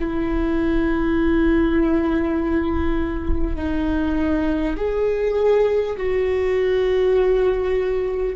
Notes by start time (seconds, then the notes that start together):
0.00 E4
3.57 D#4
4.77 G#4
5.97 F#4